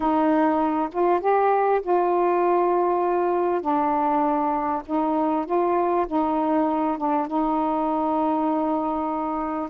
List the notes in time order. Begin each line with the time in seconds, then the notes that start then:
0.00 D#4
0.92 F4
1.20 G4
1.82 F4
3.61 D4
4.86 D#4
5.45 F4
6.07 D#4
6.97 D4
7.27 D#4